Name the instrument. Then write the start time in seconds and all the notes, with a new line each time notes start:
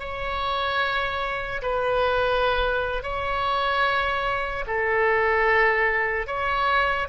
oboe
0.00 C#5
1.62 B4
3.03 C#5
4.67 A4
6.27 C#5